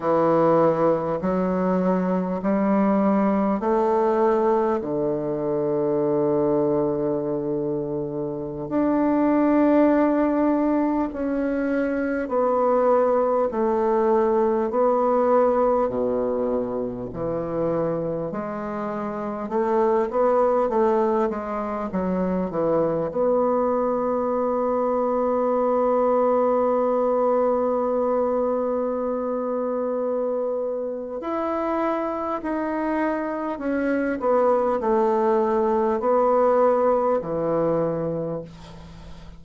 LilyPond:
\new Staff \with { instrumentName = "bassoon" } { \time 4/4 \tempo 4 = 50 e4 fis4 g4 a4 | d2.~ d16 d'8.~ | d'4~ d'16 cis'4 b4 a8.~ | a16 b4 b,4 e4 gis8.~ |
gis16 a8 b8 a8 gis8 fis8 e8 b8.~ | b1~ | b2 e'4 dis'4 | cis'8 b8 a4 b4 e4 | }